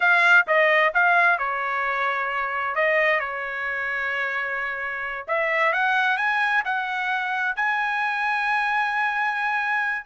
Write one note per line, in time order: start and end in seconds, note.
0.00 0.46 F5
0.47 0.93 D#5
0.94 1.38 F5
1.38 2.75 C#5
2.75 3.20 D#5
3.20 5.26 C#5
5.27 5.72 E5
5.72 6.17 F#5
6.17 6.63 G#5
6.65 7.56 F#5
7.56 10.05 G#5